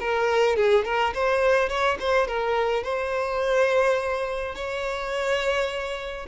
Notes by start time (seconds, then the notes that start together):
0.00 A#4
0.56 G#4
0.85 A#4
1.15 C5
1.69 C#5
2.00 C5
2.28 A#4
2.84 C5
4.55 C#5